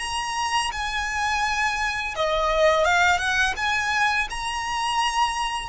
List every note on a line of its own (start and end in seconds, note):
0.00 0.71 A#5
0.72 2.15 G#5
2.16 2.85 D#5
2.85 3.19 F5
3.19 3.55 F#5
3.57 4.29 G#5
4.31 5.70 A#5